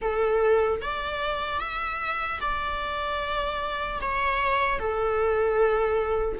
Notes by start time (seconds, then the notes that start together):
0.01 A4
0.81 D5
1.60 E5
2.40 D5
4.01 C#5
4.79 A4